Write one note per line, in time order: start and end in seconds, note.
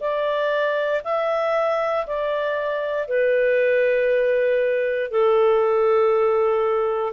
0.00 1.02 D5
1.04 2.06 E5
2.06 3.07 D5
3.07 5.11 B4
5.11 7.13 A4